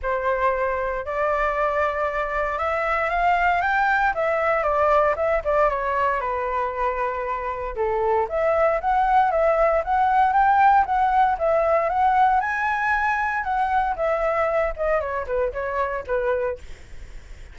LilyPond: \new Staff \with { instrumentName = "flute" } { \time 4/4 \tempo 4 = 116 c''2 d''2~ | d''4 e''4 f''4 g''4 | e''4 d''4 e''8 d''8 cis''4 | b'2. a'4 |
e''4 fis''4 e''4 fis''4 | g''4 fis''4 e''4 fis''4 | gis''2 fis''4 e''4~ | e''8 dis''8 cis''8 b'8 cis''4 b'4 | }